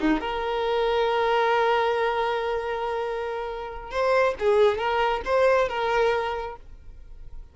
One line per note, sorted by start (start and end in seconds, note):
0.00 0.20 D#4
0.20 3.91 A#4
3.91 4.35 C5
4.39 4.78 G#4
4.78 5.21 A#4
5.25 5.69 C5
5.69 6.56 A#4